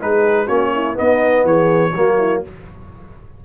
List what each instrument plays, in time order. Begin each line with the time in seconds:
0.00 tuba G#3, trombone D#4, horn G#4, trumpet B4
0.45 tuba A#3, trombone C#4, horn F#4, trumpet C#5
0.73 horn E4
0.93 trombone B3, horn D#4, trumpet D#5
1.00 tuba B3
1.44 tuba E3, horn G#4, trumpet C#5
1.91 tuba F#3, trombone A#3, horn F#4
2.18 horn E4